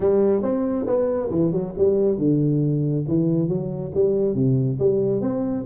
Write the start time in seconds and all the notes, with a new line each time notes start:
0.00 G3
0.42 C4
0.86 B3
1.30 E3
1.52 F#3
1.77 G3
2.18 D3
3.08 E3
3.48 F#3
3.94 G3
4.35 C3
4.79 G3
5.21 C4